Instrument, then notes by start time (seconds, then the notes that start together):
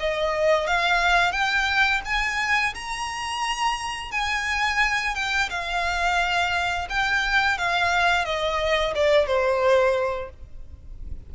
violin
0.00 D#5
0.67 F5
1.32 G5
2.05 G#5
2.75 A#5
4.12 G#5
5.15 G5
5.50 F5
6.90 G5
7.58 F5
8.25 D#5
8.95 D5
9.27 C5